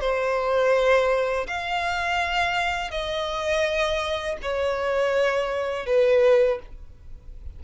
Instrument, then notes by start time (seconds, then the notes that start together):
violin
0.00 C5
1.47 F5
2.90 D#5
4.42 C#5
5.86 B4